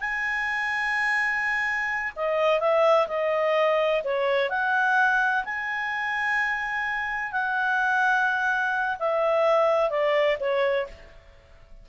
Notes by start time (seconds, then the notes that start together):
0.00 G#5
2.16 D#5
2.60 E5
3.08 D#5
4.04 C#5
4.50 F#5
5.45 G#5
7.32 F#5
8.99 E5
9.90 D5
10.40 C#5